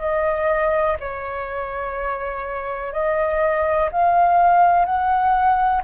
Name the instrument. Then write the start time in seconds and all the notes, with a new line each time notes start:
flute
0.00 D#5
1.00 C#5
2.93 D#5
3.92 F5
4.86 F#5